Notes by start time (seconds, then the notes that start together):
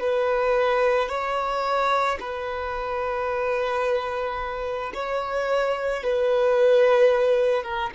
0.00 B4
1.09 C#5
2.20 B4
4.94 C#5
6.03 B4
7.64 A#4